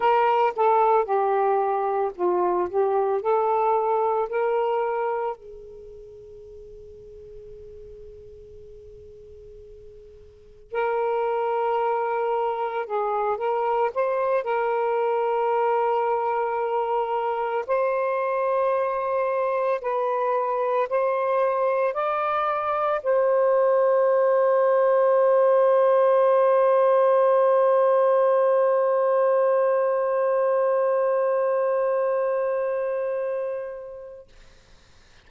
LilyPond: \new Staff \with { instrumentName = "saxophone" } { \time 4/4 \tempo 4 = 56 ais'8 a'8 g'4 f'8 g'8 a'4 | ais'4 gis'2.~ | gis'2 ais'2 | gis'8 ais'8 c''8 ais'2~ ais'8~ |
ais'8 c''2 b'4 c''8~ | c''8 d''4 c''2~ c''8~ | c''1~ | c''1 | }